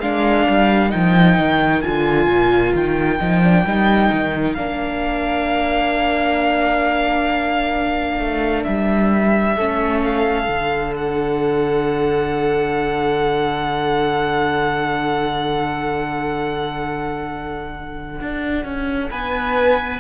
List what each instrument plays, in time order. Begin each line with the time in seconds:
0.00 cello G#3, viola D4, violin A#4 F5
0.48 cello G3
0.90 cello F3, viola D#4, violin G5
1.38 cello D#3
1.82 cello D3, viola F4, violin G#5
2.27 cello A#2
2.75 cello D#3, violin G5
3.20 cello F3, viola D#4
3.43 viola D4
3.65 cello G3, viola D#4
4.12 cello D#3
4.54 cello A#3, viola D4, violin F5
8.19 cello A3
8.64 cello G3, violin E5
9.56 cello A3, viola C#4, violin A4
10.02 violin F5
10.46 cello D3, viola D4
10.96 violin F#5
18.21 cello D4
18.65 cello C#4
19.11 cello B3, violin B4 G#5